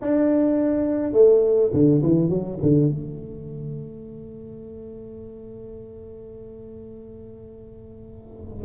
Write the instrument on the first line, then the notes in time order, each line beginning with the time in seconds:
tuba
0.01 D4
1.12 A3
1.73 D3
2.02 E3
2.29 F#3
2.61 D3
2.90 A3